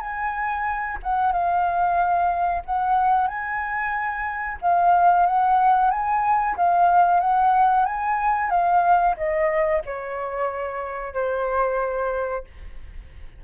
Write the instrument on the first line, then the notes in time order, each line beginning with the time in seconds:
flute
0.00 G#5
1.03 F#5
1.32 F5
2.65 F#5
3.27 G#5
4.61 F5
5.26 F#5
5.91 G#5
6.56 F5
7.20 F#5
7.85 G#5
8.50 F5
9.17 D#5
9.85 C#5
11.13 C5